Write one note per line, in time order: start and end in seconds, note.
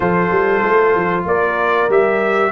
0.00 0.30 F3
0.00 1.90 F4
0.00 1.26 A4
0.00 1.23 C5
0.30 0.62 G3
0.64 0.95 A3
0.95 1.25 F3
1.25 1.88 A#3
1.25 2.51 A#4
1.25 1.90 D5
1.89 2.51 G3
1.89 2.51 G4
1.89 2.51 E5